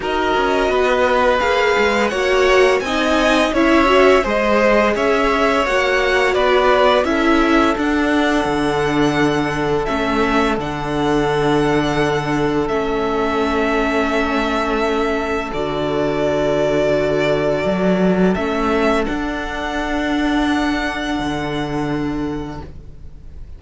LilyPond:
<<
  \new Staff \with { instrumentName = "violin" } { \time 4/4 \tempo 4 = 85 dis''2 f''4 fis''4 | gis''4 e''4 dis''4 e''4 | fis''4 d''4 e''4 fis''4~ | fis''2 e''4 fis''4~ |
fis''2 e''2~ | e''2 d''2~ | d''2 e''4 fis''4~ | fis''1 | }
  \new Staff \with { instrumentName = "violin" } { \time 4/4 ais'4 b'2 cis''4 | dis''4 cis''4 c''4 cis''4~ | cis''4 b'4 a'2~ | a'1~ |
a'1~ | a'1~ | a'1~ | a'1 | }
  \new Staff \with { instrumentName = "viola" } { \time 4/4 fis'2 gis'4 fis'4 | dis'4 e'8 fis'8 gis'2 | fis'2 e'4 d'4~ | d'2 cis'4 d'4~ |
d'2 cis'2~ | cis'2 fis'2~ | fis'2 cis'4 d'4~ | d'1 | }
  \new Staff \with { instrumentName = "cello" } { \time 4/4 dis'8 cis'8 b4 ais8 gis8 ais4 | c'4 cis'4 gis4 cis'4 | ais4 b4 cis'4 d'4 | d2 a4 d4~ |
d2 a2~ | a2 d2~ | d4 fis4 a4 d'4~ | d'2 d2 | }
>>